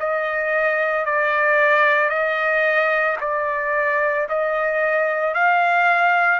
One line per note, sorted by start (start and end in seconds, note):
0.00 1.05 D#5
1.05 2.09 D5
2.09 3.17 D#5
3.20 4.28 D5
4.29 5.34 D#5
5.34 6.40 F5